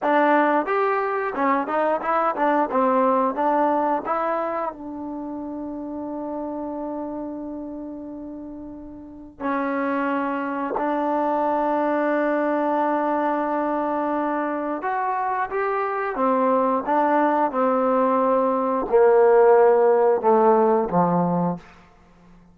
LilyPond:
\new Staff \with { instrumentName = "trombone" } { \time 4/4 \tempo 4 = 89 d'4 g'4 cis'8 dis'8 e'8 d'8 | c'4 d'4 e'4 d'4~ | d'1~ | d'2 cis'2 |
d'1~ | d'2 fis'4 g'4 | c'4 d'4 c'2 | ais2 a4 f4 | }